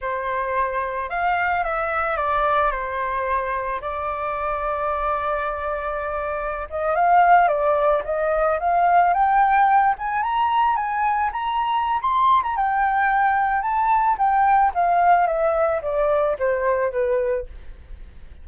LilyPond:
\new Staff \with { instrumentName = "flute" } { \time 4/4 \tempo 4 = 110 c''2 f''4 e''4 | d''4 c''2 d''4~ | d''1~ | d''16 dis''8 f''4 d''4 dis''4 f''16~ |
f''8. g''4. gis''8 ais''4 gis''16~ | gis''8. ais''4~ ais''16 c'''8. ais''16 g''4~ | g''4 a''4 g''4 f''4 | e''4 d''4 c''4 b'4 | }